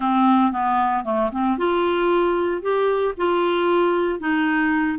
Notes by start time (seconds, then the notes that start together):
0.00 C4
0.51 B3
1.04 A3
1.32 C4
1.57 F4
2.61 G4
3.17 F4
4.19 D#4